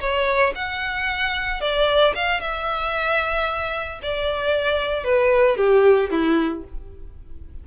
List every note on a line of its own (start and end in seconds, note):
0.00 0.53 C#5
0.55 1.60 F#5
1.60 2.14 D5
2.15 2.40 F5
2.40 3.99 E5
4.02 5.04 D5
5.04 5.57 B4
5.57 6.10 G4
6.10 6.63 E4